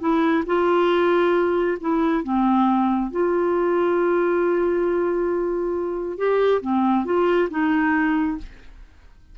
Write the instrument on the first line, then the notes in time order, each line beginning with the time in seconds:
clarinet
0.00 E4
0.46 F4
1.81 E4
2.23 C4
3.11 F4
6.18 G4
6.61 C4
7.05 F4
7.50 D#4